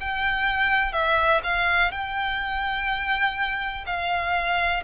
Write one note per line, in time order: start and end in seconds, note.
0.00 0.92 G5
0.92 1.41 E5
1.43 1.91 F5
1.91 3.85 G5
3.86 4.83 F5